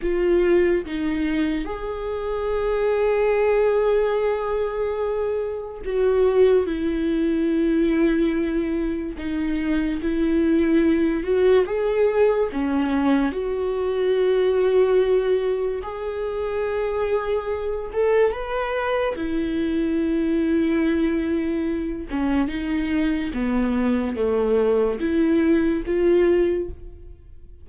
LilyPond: \new Staff \with { instrumentName = "viola" } { \time 4/4 \tempo 4 = 72 f'4 dis'4 gis'2~ | gis'2. fis'4 | e'2. dis'4 | e'4. fis'8 gis'4 cis'4 |
fis'2. gis'4~ | gis'4. a'8 b'4 e'4~ | e'2~ e'8 cis'8 dis'4 | b4 a4 e'4 f'4 | }